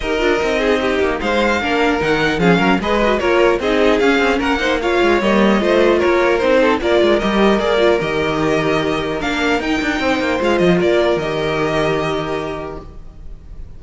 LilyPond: <<
  \new Staff \with { instrumentName = "violin" } { \time 4/4 \tempo 4 = 150 dis''2. f''4~ | f''4 fis''4 f''4 dis''4 | cis''4 dis''4 f''4 fis''4 | f''4 dis''2 cis''4 |
c''4 d''4 dis''4 d''4 | dis''2. f''4 | g''2 f''8 dis''8 d''4 | dis''1 | }
  \new Staff \with { instrumentName = "violin" } { \time 4/4 ais'4. gis'8 g'4 c''4 | ais'2 gis'8 ais'8 b'4 | ais'4 gis'2 ais'8 c''8 | cis''2 c''4 ais'4~ |
ais'8 a'8 ais'2.~ | ais'1~ | ais'4 c''2 ais'4~ | ais'1 | }
  \new Staff \with { instrumentName = "viola" } { \time 4/4 g'8 f'8 dis'2. | d'4 dis'4 cis'4 gis'8 fis'8 | f'4 dis'4 cis'4. dis'8 | f'4 ais4 f'2 |
dis'4 f'4 g'4 gis'8 f'8 | g'2. d'4 | dis'2 f'2 | g'1 | }
  \new Staff \with { instrumentName = "cello" } { \time 4/4 dis'8 d'8 c'4. ais8 gis4 | ais4 dis4 f8 fis8 gis4 | ais4 c'4 cis'8 c'8 ais4~ | ais8 gis8 g4 a4 ais4 |
c'4 ais8 gis8 g4 ais4 | dis2. ais4 | dis'8 d'8 c'8 ais8 gis8 f8 ais4 | dis1 | }
>>